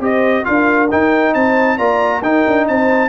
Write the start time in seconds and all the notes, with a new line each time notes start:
0.00 C4 G4 C5 D#5
0.44 D4 F4 A#4 F5
0.91 D#4 G5
1.35 C4 C5 A5
1.77 A#3 F4 D5 A#5
2.22 D#4 A#4 G5
2.48 D4
2.68 C4 C5 A5